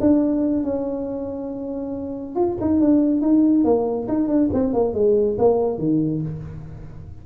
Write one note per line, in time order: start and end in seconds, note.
0.00 0.63 D4
0.63 2.35 C#4
2.35 2.57 F4
2.61 2.80 D#4
2.80 3.21 D4
3.21 3.64 D#4
3.64 4.07 A#3
4.08 4.28 D#4
4.28 4.49 D4
4.53 4.73 C4
4.73 4.94 A#3
4.94 5.37 G#3
5.38 5.78 A#3
5.78 6.21 D#3